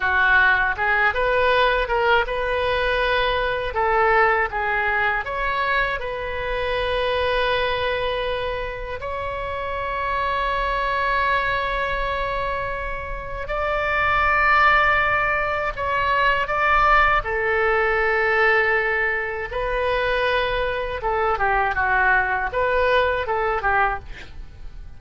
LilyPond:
\new Staff \with { instrumentName = "oboe" } { \time 4/4 \tempo 4 = 80 fis'4 gis'8 b'4 ais'8 b'4~ | b'4 a'4 gis'4 cis''4 | b'1 | cis''1~ |
cis''2 d''2~ | d''4 cis''4 d''4 a'4~ | a'2 b'2 | a'8 g'8 fis'4 b'4 a'8 g'8 | }